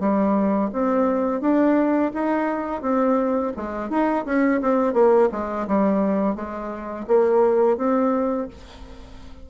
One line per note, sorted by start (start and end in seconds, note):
0.00 0.71 G3
0.73 1.41 C4
1.41 2.12 D4
2.14 2.82 D#4
2.82 3.53 C4
3.57 3.90 G#3
3.90 4.25 D#4
4.26 4.61 C#4
4.62 4.94 C4
4.94 5.29 A#3
5.32 5.68 G#3
5.68 6.36 G3
6.36 7.06 G#3
7.08 7.78 A#3
7.78 8.48 C4